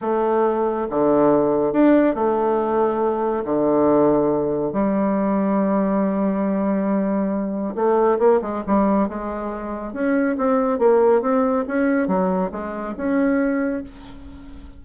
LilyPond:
\new Staff \with { instrumentName = "bassoon" } { \time 4/4 \tempo 4 = 139 a2 d2 | d'4 a2. | d2. g4~ | g1~ |
g2 a4 ais8 gis8 | g4 gis2 cis'4 | c'4 ais4 c'4 cis'4 | fis4 gis4 cis'2 | }